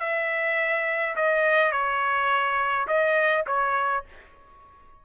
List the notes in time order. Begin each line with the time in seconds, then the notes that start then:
0.00 E5
1.16 D#5
1.72 C#5
2.87 D#5
3.47 C#5